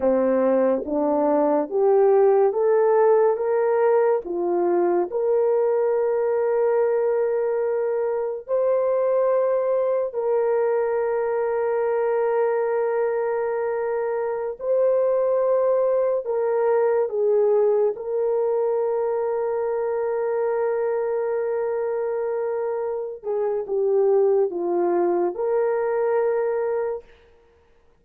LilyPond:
\new Staff \with { instrumentName = "horn" } { \time 4/4 \tempo 4 = 71 c'4 d'4 g'4 a'4 | ais'4 f'4 ais'2~ | ais'2 c''2 | ais'1~ |
ais'4~ ais'16 c''2 ais'8.~ | ais'16 gis'4 ais'2~ ais'8.~ | ais'2.~ ais'8 gis'8 | g'4 f'4 ais'2 | }